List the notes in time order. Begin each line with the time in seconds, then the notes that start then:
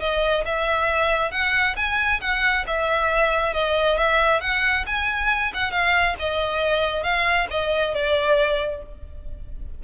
0.00 D#5
0.45 E5
1.31 F#5
1.76 G#5
2.21 F#5
2.67 E5
3.53 D#5
3.97 E5
4.41 F#5
4.86 G#5
5.54 F#5
5.71 F5
6.19 D#5
7.03 F5
7.50 D#5
7.94 D5